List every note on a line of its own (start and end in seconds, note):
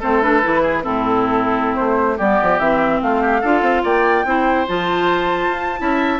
0.00 0.44 A3
0.00 0.22 C4
0.00 0.62 A4
0.00 0.21 C5
0.21 0.42 D4
0.21 0.83 B4
0.43 0.86 E3
0.43 0.83 E4
0.62 0.83 G#4
0.83 1.79 A2
0.83 2.18 C4
0.83 2.17 E4
0.83 1.75 A4
1.75 2.19 A3
1.75 2.17 C5
2.17 2.40 G3
2.17 2.60 B3
2.17 3.00 G4
2.17 2.59 D5
2.42 2.59 F3
2.59 3.00 E3
2.59 3.43 C4
2.59 3.01 E5
3.02 3.43 A3
3.02 3.21 F4
3.02 3.84 F5
3.21 3.41 G4
3.41 3.61 D4
3.41 4.26 F4
3.41 3.82 A4
3.61 3.82 C4
3.83 4.25 A#3
3.83 4.25 D5
3.83 4.68 G5
4.25 4.66 C4
4.25 4.67 E4
4.25 5.80 C5
4.67 5.48 F3
4.67 5.77 F4
4.67 6.20 A5
5.48 5.79 F4
5.77 6.20 C#4
5.77 6.19 E4
5.77 6.20 E5